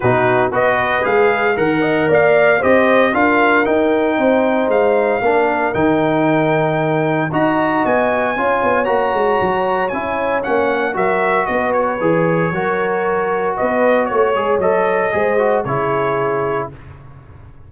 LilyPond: <<
  \new Staff \with { instrumentName = "trumpet" } { \time 4/4 \tempo 4 = 115 b'4 dis''4 f''4 fis''4 | f''4 dis''4 f''4 g''4~ | g''4 f''2 g''4~ | g''2 ais''4 gis''4~ |
gis''4 ais''2 gis''4 | fis''4 e''4 dis''8 cis''4.~ | cis''2 dis''4 cis''4 | dis''2 cis''2 | }
  \new Staff \with { instrumentName = "horn" } { \time 4/4 fis'4 b'2 ais'8 dis''8 | d''4 c''4 ais'2 | c''2 ais'2~ | ais'2 dis''2 |
cis''1~ | cis''4 ais'4 b'2 | ais'2 b'4 cis''4~ | cis''4 c''4 gis'2 | }
  \new Staff \with { instrumentName = "trombone" } { \time 4/4 dis'4 fis'4 gis'4 ais'4~ | ais'4 g'4 f'4 dis'4~ | dis'2 d'4 dis'4~ | dis'2 fis'2 |
f'4 fis'2 e'4 | cis'4 fis'2 gis'4 | fis'2.~ fis'8 gis'8 | a'4 gis'8 fis'8 e'2 | }
  \new Staff \with { instrumentName = "tuba" } { \time 4/4 b,4 b4 gis4 dis4 | ais4 c'4 d'4 dis'4 | c'4 gis4 ais4 dis4~ | dis2 dis'4 b4 |
cis'8 b8 ais8 gis8 fis4 cis'4 | ais4 fis4 b4 e4 | fis2 b4 a8 gis8 | fis4 gis4 cis2 | }
>>